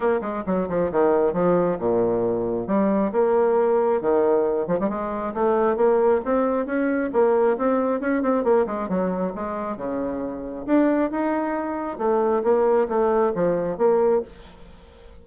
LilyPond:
\new Staff \with { instrumentName = "bassoon" } { \time 4/4 \tempo 4 = 135 ais8 gis8 fis8 f8 dis4 f4 | ais,2 g4 ais4~ | ais4 dis4. f16 g16 gis4 | a4 ais4 c'4 cis'4 |
ais4 c'4 cis'8 c'8 ais8 gis8 | fis4 gis4 cis2 | d'4 dis'2 a4 | ais4 a4 f4 ais4 | }